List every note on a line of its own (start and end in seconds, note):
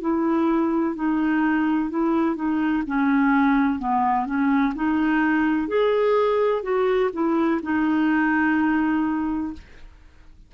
0.00 0.95 E4
0.95 1.90 D#4
1.90 2.35 E4
2.35 2.83 D#4
2.86 3.79 C#4
3.79 4.25 B3
4.25 4.73 C#4
4.74 5.68 D#4
5.68 6.62 G#4
6.62 7.10 F#4
7.13 7.60 E4
7.62 9.53 D#4